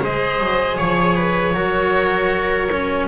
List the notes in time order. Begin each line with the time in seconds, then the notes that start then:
0.00 G#3 G#4 C5 D#5
0.39 F#3
0.76 F3 C#5
1.15 B4
1.54 F#3 F#4 A#4
2.71 C#4